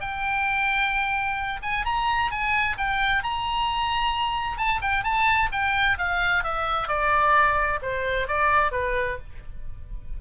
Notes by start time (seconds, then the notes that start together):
0.00 G5
1.62 G#5
1.85 A#5
2.31 G#5
2.78 G5
3.23 A#5
4.57 A5
4.81 G5
5.03 A5
5.52 G5
5.98 F5
6.43 E5
6.88 D5
7.82 C5
8.27 D5
8.72 B4